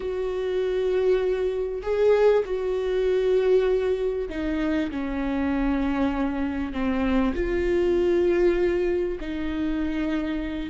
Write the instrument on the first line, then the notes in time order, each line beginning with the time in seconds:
viola
0.00 F#4
1.82 G#4
2.45 F#4
4.29 D#4
4.90 C#4
6.73 C4
7.34 F4
9.20 D#4